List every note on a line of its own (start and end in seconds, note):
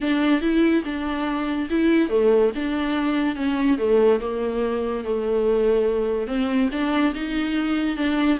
0.00 0.41 D4
0.41 0.83 E4
0.84 1.68 D4
1.70 2.09 E4
2.09 2.51 A3
2.55 3.35 D4
3.35 3.77 C#4
3.77 4.19 A3
4.20 5.04 A#3
5.04 6.27 A3
6.27 6.69 C4
6.71 7.13 D4
7.14 7.96 D#4
7.96 8.38 D4